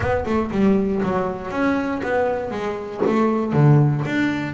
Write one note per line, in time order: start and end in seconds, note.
0.00 0.24 B3
0.25 0.50 A3
0.51 1.01 G3
1.02 1.50 F#3
1.50 2.01 C#4
2.03 2.50 B3
2.50 3.01 G#3
3.06 3.52 A3
3.52 4.03 D3
4.05 4.53 D4